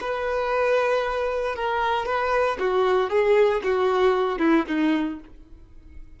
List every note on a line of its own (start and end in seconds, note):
0.00 1.55 B4
1.55 2.05 A#4
2.05 2.57 B4
2.59 3.09 F#4
3.09 3.61 G#4
3.63 4.39 F#4
4.39 4.65 E4
4.67 5.19 D#4